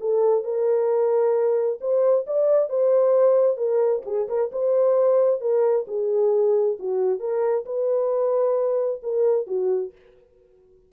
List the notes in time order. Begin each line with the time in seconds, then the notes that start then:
0.00 A4
0.44 A#4
1.81 C5
2.27 D5
2.69 C5
3.57 A#4
4.06 G#4
4.28 A#4
4.52 C5
5.41 A#4
5.87 G#4
6.79 F#4
7.20 A#4
7.65 B4
9.03 A#4
9.47 F#4